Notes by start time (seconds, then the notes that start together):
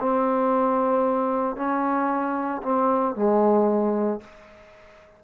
0.00 C4
1.56 C#4
2.63 C4
3.16 G#3